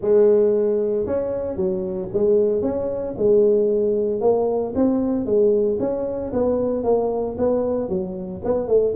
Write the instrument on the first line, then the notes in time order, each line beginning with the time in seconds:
tuba
0.01 G#3
1.06 C#4
1.56 F#3
2.13 G#3
2.62 C#4
3.17 G#3
4.20 A#3
4.75 C4
5.25 G#3
5.79 C#4
6.32 B3
6.83 A#3
7.38 B3
7.89 F#3
8.44 B3
8.67 A3